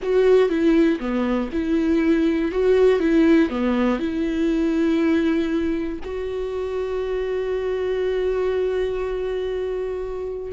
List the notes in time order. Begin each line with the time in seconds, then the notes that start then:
0.02 F#4
0.49 E4
0.99 B3
1.52 E4
2.51 F#4
2.99 E4
3.49 B3
3.99 E4
6.04 F#4